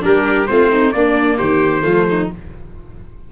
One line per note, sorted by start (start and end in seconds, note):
0.00 0.49 G3
0.00 0.45 D4
0.00 0.50 G4
0.00 0.47 A#4
0.47 0.94 A3
0.47 0.94 C4
0.47 0.71 F4
0.47 0.91 C5
0.71 0.93 D#4
0.91 1.39 A#3
0.91 1.81 A#3
0.91 1.37 D4
0.91 1.37 D5
1.37 1.84 D#3
1.37 1.83 G4
1.37 2.29 C5
1.81 2.30 F3
1.81 2.27 A3
1.81 2.05 F4
2.09 2.32 D#4